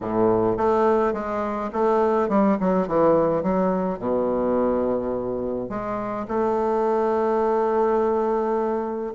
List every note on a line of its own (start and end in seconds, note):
0.00 0.57 A2
0.57 1.13 A3
1.13 1.70 G#3
1.72 2.29 A3
2.29 2.57 G3
2.60 2.87 F#3
2.87 3.42 E3
3.42 3.98 F#3
3.98 5.69 B2
5.69 6.26 G#3
6.28 9.13 A3